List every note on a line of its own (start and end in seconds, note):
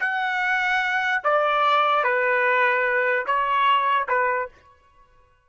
0.00 1.22 F#5
1.24 2.04 D5
2.04 3.26 B4
3.27 4.08 C#5
4.09 4.49 B4